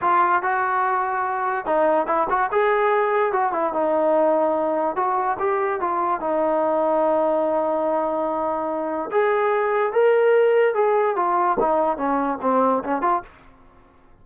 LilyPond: \new Staff \with { instrumentName = "trombone" } { \time 4/4 \tempo 4 = 145 f'4 fis'2. | dis'4 e'8 fis'8 gis'2 | fis'8 e'8 dis'2. | fis'4 g'4 f'4 dis'4~ |
dis'1~ | dis'2 gis'2 | ais'2 gis'4 f'4 | dis'4 cis'4 c'4 cis'8 f'8 | }